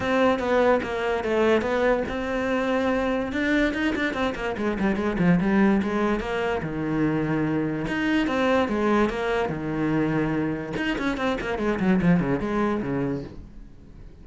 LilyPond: \new Staff \with { instrumentName = "cello" } { \time 4/4 \tempo 4 = 145 c'4 b4 ais4 a4 | b4 c'2. | d'4 dis'8 d'8 c'8 ais8 gis8 g8 | gis8 f8 g4 gis4 ais4 |
dis2. dis'4 | c'4 gis4 ais4 dis4~ | dis2 dis'8 cis'8 c'8 ais8 | gis8 fis8 f8 cis8 gis4 cis4 | }